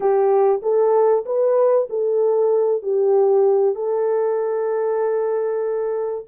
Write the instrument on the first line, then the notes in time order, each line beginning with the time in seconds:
horn
0.00 G4
0.62 A4
1.25 B4
1.89 A4
2.82 G4
3.75 A4